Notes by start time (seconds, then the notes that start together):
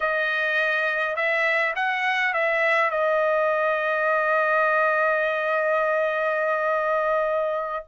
0.00 D#5
1.15 E5
1.75 F#5
2.33 E5
2.90 D#5